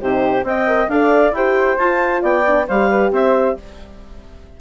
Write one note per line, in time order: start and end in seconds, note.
0.00 0.43 C3
0.00 0.43 D#4
0.00 0.44 G4
0.00 0.45 C5
0.43 0.87 C4
0.43 0.66 C5
0.43 0.91 D#5
0.43 0.88 G5
0.67 0.89 A#4
0.88 1.32 D4
0.88 1.35 A4
0.88 1.36 D5
0.88 1.32 F5
1.32 1.76 E4
1.32 1.79 G4
1.32 2.22 C5
1.32 1.78 G5
1.78 2.22 F4
1.78 2.46 F4
1.78 2.22 A5
2.22 2.66 B3
2.22 2.66 D5
2.22 2.67 G5
2.46 2.69 D4
2.67 3.11 G3
2.67 3.60 G4
2.67 2.89 C5
2.67 3.12 F5
2.89 3.12 B4
3.11 3.55 C4
3.11 3.57 C5
3.11 3.57 E5